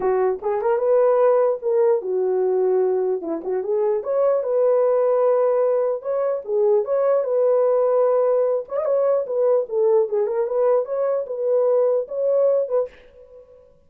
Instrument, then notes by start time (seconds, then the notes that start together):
horn
0.00 F#4
0.41 G#4
0.61 A#4
0.78 B4
1.61 A#4
2.01 F#4
3.21 E4
3.44 F#4
3.63 G#4
4.03 C#5
4.43 B4
6.01 C#5
6.44 G#4
6.84 C#5
7.24 B4
8.68 C#5
8.77 D#5
8.85 C#5
9.26 B4
9.68 A4
10.09 G#4
10.27 A#4
10.46 B4
10.85 C#5
11.26 B4
12.07 C#5
12.68 B4